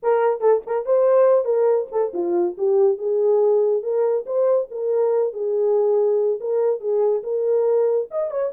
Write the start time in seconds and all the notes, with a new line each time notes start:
0.02 A#4
0.40 A4
0.66 A#4
0.85 C5
1.44 A#4
1.91 A4
2.13 F4
2.57 G4
2.97 G#4
3.82 A#4
4.26 C5
4.71 A#4
5.33 G#4
6.40 A#4
6.80 G#4
7.23 A#4
8.10 D#5
8.30 C#5